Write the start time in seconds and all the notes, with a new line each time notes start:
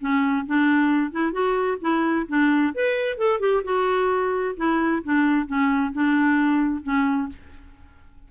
0.00 C#4
0.46 D4
1.11 E4
1.32 F#4
1.81 E4
2.28 D4
2.75 B4
3.17 A4
3.40 G4
3.63 F#4
4.57 E4
5.04 D4
5.47 C#4
5.93 D4
6.83 C#4